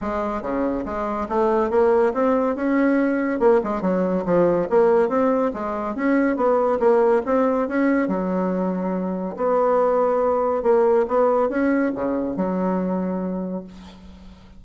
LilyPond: \new Staff \with { instrumentName = "bassoon" } { \time 4/4 \tempo 4 = 141 gis4 cis4 gis4 a4 | ais4 c'4 cis'2 | ais8 gis8 fis4 f4 ais4 | c'4 gis4 cis'4 b4 |
ais4 c'4 cis'4 fis4~ | fis2 b2~ | b4 ais4 b4 cis'4 | cis4 fis2. | }